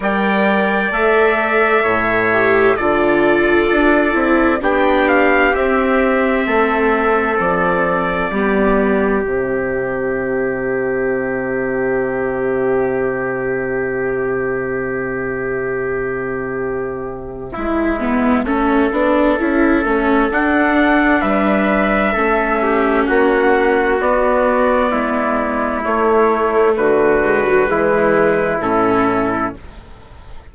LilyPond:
<<
  \new Staff \with { instrumentName = "trumpet" } { \time 4/4 \tempo 4 = 65 g''4 e''2 d''4~ | d''4 g''8 f''8 e''2 | d''2 e''2~ | e''1~ |
e''1~ | e''2 fis''4 e''4~ | e''4 fis''4 d''2 | cis''4 b'2 a'4 | }
  \new Staff \with { instrumentName = "trumpet" } { \time 4/4 d''2 cis''4 a'4~ | a'4 g'2 a'4~ | a'4 g'2.~ | g'1~ |
g'2. e'4 | a'2. b'4 | a'8 g'8 fis'2 e'4~ | e'4 fis'4 e'2 | }
  \new Staff \with { instrumentName = "viola" } { \time 4/4 ais'4 a'4. g'8 f'4~ | f'8 e'8 d'4 c'2~ | c'4 b4 c'2~ | c'1~ |
c'2. e'8 b8 | cis'8 d'8 e'8 cis'8 d'2 | cis'2 b2 | a4. gis16 fis16 gis4 cis'4 | }
  \new Staff \with { instrumentName = "bassoon" } { \time 4/4 g4 a4 a,4 d4 | d'8 c'8 b4 c'4 a4 | f4 g4 c2~ | c1~ |
c2. gis4 | a8 b8 cis'8 a8 d'4 g4 | a4 ais4 b4 gis4 | a4 d4 e4 a,4 | }
>>